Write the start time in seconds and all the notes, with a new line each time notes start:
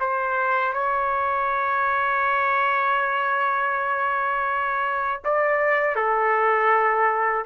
0.00 C5
0.73 C#5
5.25 D5
5.96 A4